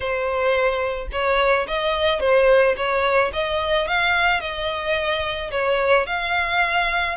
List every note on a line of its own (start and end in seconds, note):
0.00 1.07 C5
1.12 1.67 C#5
1.67 2.20 D#5
2.20 2.75 C5
2.76 3.31 C#5
3.33 3.87 D#5
3.87 4.40 F5
4.40 5.50 D#5
5.51 6.06 C#5
6.06 7.16 F5